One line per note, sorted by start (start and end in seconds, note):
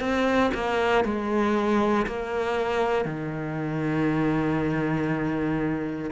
0.00 0.51 C4
0.54 1.04 A#3
1.04 2.06 G#3
2.06 3.05 A#3
3.05 6.10 D#3